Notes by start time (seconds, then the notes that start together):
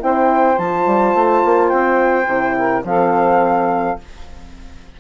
0.00 C4 E4 C5 G5
0.58 F3 F4 A5
0.87 G3
1.15 A3
1.45 A#3
1.69 C4 G5
2.27 C3 E4
2.57 A#4
2.85 F3 C4 A4 F5